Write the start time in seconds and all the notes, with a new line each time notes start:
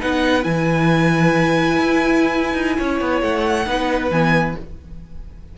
0.00 B3 D#4 B4 F#5
0.43 E3 E4 G#5
1.78 E4
2.54 D#4
2.79 C#4 C#5
3.01 B3
3.22 A3 F#5
3.67 B3 D#4 B4
4.11 E3 B3 G#5